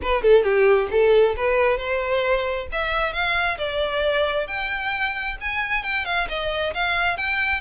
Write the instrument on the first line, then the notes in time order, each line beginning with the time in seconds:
violin
0.02 B4
0.22 A4
0.43 G4
0.90 A4
1.36 B4
1.77 C5
2.72 E5
3.12 F5
3.58 D5
4.47 G5
5.40 G#5
5.83 G5
6.05 F5
6.28 D#5
6.74 F5
7.17 G5